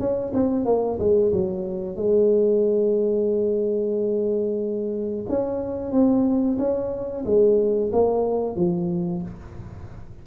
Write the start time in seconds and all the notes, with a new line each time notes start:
0.00 C#4
0.34 C4
0.66 A#3
1.00 G#3
1.33 F#3
1.97 G#3
5.29 C#4
5.92 C4
6.59 C#4
7.26 G#3
7.93 A#3
8.57 F3